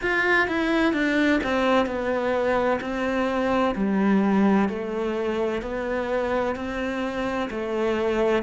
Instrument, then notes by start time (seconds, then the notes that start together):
cello
0.02 F4
0.47 E4
0.93 D4
1.43 C4
1.85 B3
2.80 C4
3.75 G3
4.68 A3
5.62 B3
6.55 C4
7.50 A3